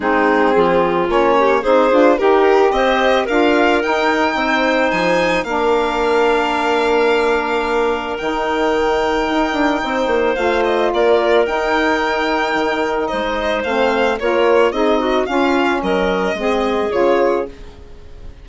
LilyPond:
<<
  \new Staff \with { instrumentName = "violin" } { \time 4/4 \tempo 4 = 110 gis'2 cis''4 c''4 | ais'4 dis''4 f''4 g''4~ | g''4 gis''4 f''2~ | f''2. g''4~ |
g''2. f''8 dis''8 | d''4 g''2. | dis''4 f''4 cis''4 dis''4 | f''4 dis''2 cis''4 | }
  \new Staff \with { instrumentName = "clarinet" } { \time 4/4 dis'4 f'4. g'8 gis'4 | g'4 c''4 ais'2 | c''2 ais'2~ | ais'1~ |
ais'2 c''2 | ais'1 | c''2 ais'4 gis'8 fis'8 | f'4 ais'4 gis'2 | }
  \new Staff \with { instrumentName = "saxophone" } { \time 4/4 c'2 cis'4 dis'8 f'8 | g'2 f'4 dis'4~ | dis'2 d'2~ | d'2. dis'4~ |
dis'2. f'4~ | f'4 dis'2.~ | dis'4 c'4 f'4 dis'4 | cis'2 c'4 f'4 | }
  \new Staff \with { instrumentName = "bassoon" } { \time 4/4 gis4 f4 ais4 c'8 d'8 | dis'4 c'4 d'4 dis'4 | c'4 f4 ais2~ | ais2. dis4~ |
dis4 dis'8 d'8 c'8 ais8 a4 | ais4 dis'2 dis4 | gis4 a4 ais4 c'4 | cis'4 fis4 gis4 cis4 | }
>>